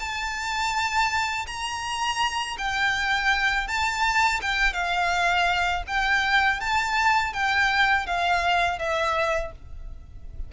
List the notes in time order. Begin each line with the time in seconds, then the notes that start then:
0.00 A5
1.47 A#5
2.58 G5
3.68 A5
4.42 G5
4.74 F5
5.88 G5
6.61 A5
7.33 G5
8.07 F5
8.79 E5